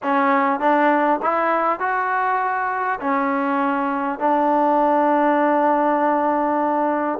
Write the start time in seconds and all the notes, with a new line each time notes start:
0.02 C#4
0.60 D4
1.22 E4
1.79 F#4
3.00 C#4
4.19 D4